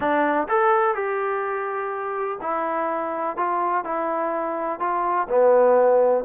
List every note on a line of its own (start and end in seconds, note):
0.00 0.47 D4
0.48 0.94 A4
0.94 2.38 G4
2.41 3.36 E4
3.36 3.84 F4
3.84 4.79 E4
4.79 5.27 F4
5.28 6.24 B3